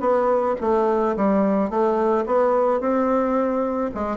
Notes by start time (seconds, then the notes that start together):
0.00 B3
0.61 A3
1.16 G3
1.70 A3
2.26 B3
2.80 C4
3.94 G#3